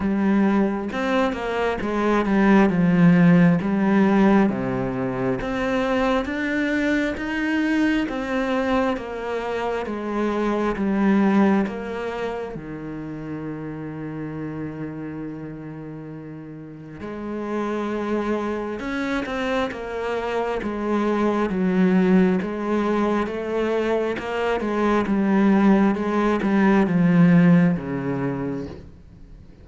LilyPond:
\new Staff \with { instrumentName = "cello" } { \time 4/4 \tempo 4 = 67 g4 c'8 ais8 gis8 g8 f4 | g4 c4 c'4 d'4 | dis'4 c'4 ais4 gis4 | g4 ais4 dis2~ |
dis2. gis4~ | gis4 cis'8 c'8 ais4 gis4 | fis4 gis4 a4 ais8 gis8 | g4 gis8 g8 f4 cis4 | }